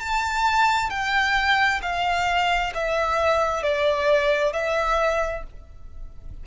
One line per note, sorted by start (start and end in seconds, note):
0.00 0.90 A5
0.90 1.81 G5
1.82 2.73 F5
2.74 3.63 E5
3.63 4.53 D5
4.53 5.44 E5